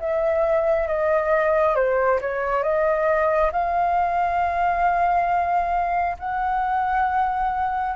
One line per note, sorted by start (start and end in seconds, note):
0.00 0.87 E5
0.87 1.75 D#5
1.75 2.19 C5
2.21 2.63 C#5
2.63 3.51 D#5
3.52 6.17 F5
6.19 7.96 F#5